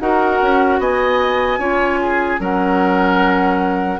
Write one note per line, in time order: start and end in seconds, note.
0.00 0.41 D#4
0.00 1.59 F#4
0.00 0.80 A#4
0.00 0.80 F#5
0.41 0.79 C#4
0.79 1.59 B3
0.79 1.59 D#5
0.79 2.41 G#5
1.59 2.39 C#4
1.59 2.39 F4
1.59 1.99 C#5
2.02 2.40 G#4
2.39 4.00 F#3
2.39 3.99 C#4
2.39 4.00 A#4
2.39 4.00 F#5